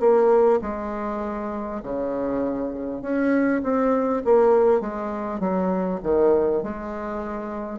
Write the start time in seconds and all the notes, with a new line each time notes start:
0.00 A#3
0.62 G#3
1.83 C#3
3.02 C#4
3.63 C4
4.24 A#3
4.81 G#3
5.40 F#3
6.03 D#3
6.63 G#3